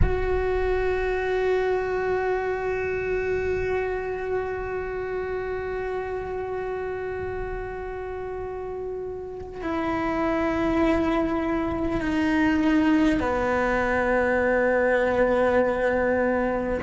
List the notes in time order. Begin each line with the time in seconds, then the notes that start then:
0.02 F#4
9.62 E4
12.01 D#4
13.20 B3